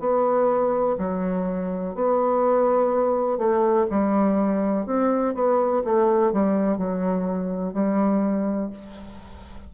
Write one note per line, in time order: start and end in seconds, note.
0.00 0.97 B3
0.99 1.95 F#3
1.95 3.39 B3
3.39 3.87 A3
3.91 4.87 G3
4.87 5.35 C4
5.35 5.83 B3
5.85 6.33 A3
6.33 6.78 G3
6.78 7.74 F#3
7.74 8.71 G3